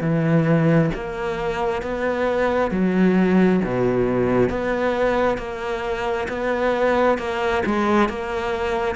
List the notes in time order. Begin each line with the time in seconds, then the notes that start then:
0.00 E3
0.94 A#3
1.82 B3
2.71 F#3
3.64 B2
4.49 B3
5.37 A#3
6.28 B3
7.18 A#3
7.65 G#3
8.08 A#3